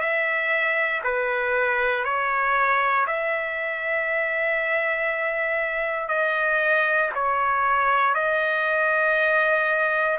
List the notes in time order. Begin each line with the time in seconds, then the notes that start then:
0.00 E5
1.04 B4
2.04 C#5
3.07 E5
6.08 D#5
7.15 C#5
8.14 D#5